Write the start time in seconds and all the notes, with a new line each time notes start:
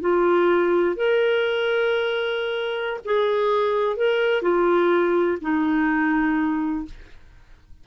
0.00 F4
0.96 A#4
3.04 G#4
3.96 A#4
4.42 F4
5.41 D#4